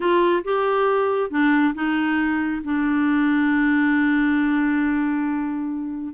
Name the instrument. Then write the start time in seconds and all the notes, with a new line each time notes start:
clarinet
0.00 F4
0.44 G4
1.30 D4
1.74 D#4
2.64 D4